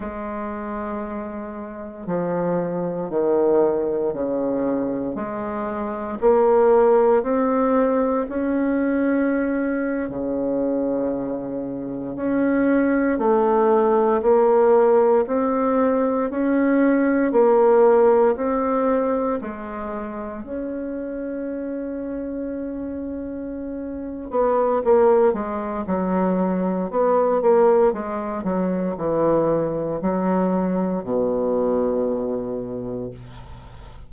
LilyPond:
\new Staff \with { instrumentName = "bassoon" } { \time 4/4 \tempo 4 = 58 gis2 f4 dis4 | cis4 gis4 ais4 c'4 | cis'4.~ cis'16 cis2 cis'16~ | cis'8. a4 ais4 c'4 cis'16~ |
cis'8. ais4 c'4 gis4 cis'16~ | cis'2.~ cis'8 b8 | ais8 gis8 fis4 b8 ais8 gis8 fis8 | e4 fis4 b,2 | }